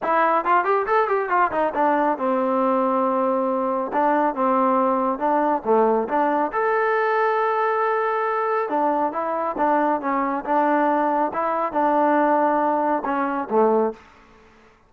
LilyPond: \new Staff \with { instrumentName = "trombone" } { \time 4/4 \tempo 4 = 138 e'4 f'8 g'8 a'8 g'8 f'8 dis'8 | d'4 c'2.~ | c'4 d'4 c'2 | d'4 a4 d'4 a'4~ |
a'1 | d'4 e'4 d'4 cis'4 | d'2 e'4 d'4~ | d'2 cis'4 a4 | }